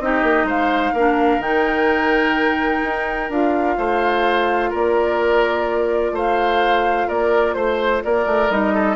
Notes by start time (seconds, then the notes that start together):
0.00 C4 D#4 G4 D#5
0.23 A#3
0.44 G#3 C5 F5
0.93 A#3 D4 A#4
1.38 D#3 D#4 G5
2.84 D#4
3.29 D4 F4 F5
3.77 A3 C5
4.70 A#3 A#4 D5
6.12 A3 C5 F5
7.08 A#3 A#4 D5
7.54 A3 C5
8.04 A#3 A#4 D5
8.26 A3
8.50 G3 D#4 D#5
8.74 A4